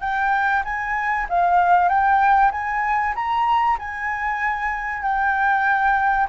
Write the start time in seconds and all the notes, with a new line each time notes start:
0.00 G5
0.64 G#5
1.29 F5
1.88 G5
2.51 G#5
3.15 A#5
3.78 G#5
5.02 G5